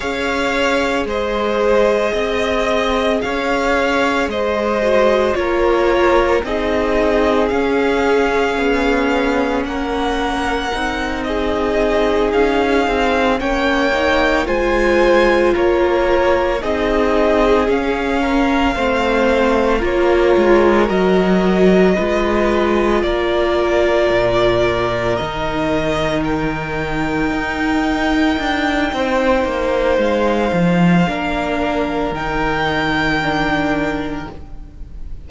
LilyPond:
<<
  \new Staff \with { instrumentName = "violin" } { \time 4/4 \tempo 4 = 56 f''4 dis''2 f''4 | dis''4 cis''4 dis''4 f''4~ | f''4 fis''4. dis''4 f''8~ | f''8 g''4 gis''4 cis''4 dis''8~ |
dis''8 f''2 cis''4 dis''8~ | dis''4. d''2 dis''8~ | dis''8 g''2.~ g''8 | f''2 g''2 | }
  \new Staff \with { instrumentName = "violin" } { \time 4/4 cis''4 c''4 dis''4 cis''4 | c''4 ais'4 gis'2~ | gis'4 ais'4. gis'4.~ | gis'8 cis''4 c''4 ais'4 gis'8~ |
gis'4 ais'8 c''4 ais'4.~ | ais'8 b'4 ais'2~ ais'8~ | ais'2. c''4~ | c''4 ais'2. | }
  \new Staff \with { instrumentName = "viola" } { \time 4/4 gis'1~ | gis'8 fis'8 f'4 dis'4 cis'4~ | cis'2 dis'2~ | dis'8 cis'8 dis'8 f'2 dis'8~ |
dis'8 cis'4 c'4 f'4 fis'8~ | fis'8 f'2. dis'8~ | dis'1~ | dis'4 d'4 dis'4 d'4 | }
  \new Staff \with { instrumentName = "cello" } { \time 4/4 cis'4 gis4 c'4 cis'4 | gis4 ais4 c'4 cis'4 | b4 ais4 c'4. cis'8 | c'8 ais4 gis4 ais4 c'8~ |
c'8 cis'4 a4 ais8 gis8 fis8~ | fis8 gis4 ais4 ais,4 dis8~ | dis4. dis'4 d'8 c'8 ais8 | gis8 f8 ais4 dis2 | }
>>